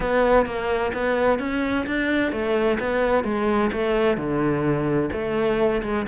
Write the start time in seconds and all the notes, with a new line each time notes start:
0.00 B3
0.45 A#3
0.93 B3
1.39 C#4
1.86 D4
2.32 A3
2.79 B3
3.24 G#3
3.72 A3
4.17 D3
5.12 A3
5.82 G#3